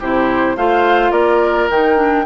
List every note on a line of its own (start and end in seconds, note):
0.00 0.57 C3
0.00 0.57 E4
0.00 0.57 G4
0.00 0.57 C5
0.57 1.12 A3
0.57 1.70 F4
0.57 1.12 C5
0.57 1.12 F5
1.12 1.68 A#3
1.12 2.25 A#4
1.12 1.68 D5
1.69 2.26 D#3
1.69 1.96 D#4
1.69 2.26 G5
1.96 2.25 D4